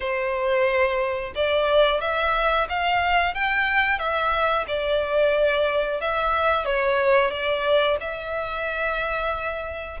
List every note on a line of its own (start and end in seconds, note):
0.00 1.33 C5
1.35 2.01 D5
2.01 2.67 E5
2.69 3.34 F5
3.34 3.98 G5
3.98 4.65 E5
4.67 6.00 D5
6.00 6.65 E5
6.65 7.30 C#5
7.30 7.97 D5
8.00 10.00 E5